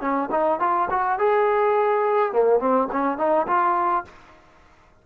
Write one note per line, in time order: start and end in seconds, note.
0.00 0.29 C#4
0.31 0.59 D#4
0.59 0.88 F4
0.90 1.18 F#4
1.18 2.32 G#4
2.32 2.59 A#3
2.59 2.88 C4
2.91 3.18 C#4
3.18 3.46 D#4
3.46 4.04 F4